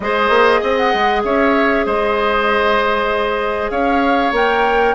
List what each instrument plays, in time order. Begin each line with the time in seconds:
0.00 bassoon G#3, clarinet G#4, oboe C5, flute D#5
0.29 bassoon A#3
0.60 bassoon C4, oboe D#5
0.76 flute F#5
0.93 bassoon G#3
1.24 bassoon C#4, oboe C#5, flute E5
1.86 bassoon G#3, oboe C5, flute D#5
3.70 bassoon C#4, oboe C#5, flute F5
4.32 bassoon A#3, clarinet A#4, flute G5